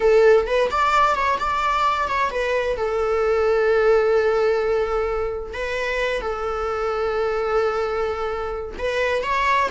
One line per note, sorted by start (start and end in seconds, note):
0.00 0.46 A4
0.46 0.69 B4
0.70 1.15 D5
1.15 1.38 C#5
1.39 2.08 D5
2.08 2.30 C#5
2.30 2.76 B4
2.77 5.53 A4
5.53 6.21 B4
6.21 8.75 A4
8.78 9.23 B4
9.23 9.69 C#5